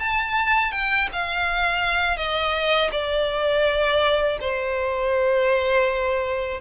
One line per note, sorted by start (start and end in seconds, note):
0.00 0.72 A5
0.72 1.08 G5
1.12 2.17 F5
2.17 2.90 D#5
2.92 4.38 D5
4.41 6.60 C5